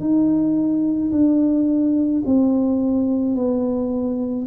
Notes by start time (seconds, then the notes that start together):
0.00 D#4
1.12 D4
2.25 C4
3.35 B3